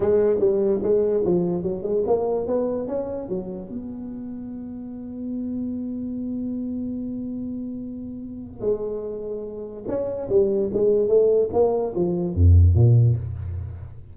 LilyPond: \new Staff \with { instrumentName = "tuba" } { \time 4/4 \tempo 4 = 146 gis4 g4 gis4 f4 | fis8 gis8 ais4 b4 cis'4 | fis4 b2.~ | b1~ |
b1~ | b4 gis2. | cis'4 g4 gis4 a4 | ais4 f4 f,4 ais,4 | }